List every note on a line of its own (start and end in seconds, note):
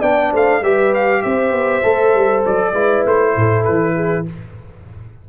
0.00 0.32 B3
0.00 0.63 D4
0.00 0.30 D5
0.00 0.32 G5
0.31 0.61 A3
0.31 0.61 C5
0.31 0.63 F5
0.61 1.22 G3
0.61 1.83 G4
0.61 1.23 B4
0.61 0.94 E5
0.94 1.22 F5
1.22 1.52 C4
1.22 2.73 C5
1.22 2.44 E5
1.52 1.82 B3
1.83 2.15 A3
1.83 2.74 A4
2.15 2.45 G3
2.45 2.73 F#3
2.45 3.06 D5
2.73 3.04 G#3
2.73 4.26 E4
2.73 3.33 B4
3.06 3.36 A3
3.06 3.65 C5
3.36 3.67 A2
3.36 3.95 A4
3.65 4.29 E3
3.65 4.25 B4
3.95 4.25 G#4